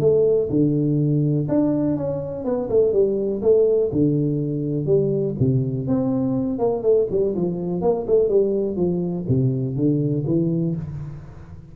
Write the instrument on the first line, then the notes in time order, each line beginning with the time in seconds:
tuba
0.00 A3
0.50 D3
1.48 D4
1.96 C#4
2.45 B3
2.69 A3
2.92 G3
3.42 A3
3.92 D3
4.86 G3
5.39 C3
5.87 C4
6.58 A#3
6.82 A3
7.10 G3
7.35 F3
7.81 A#3
8.07 A3
8.28 G3
8.76 F3
9.28 C3
9.75 D3
10.26 E3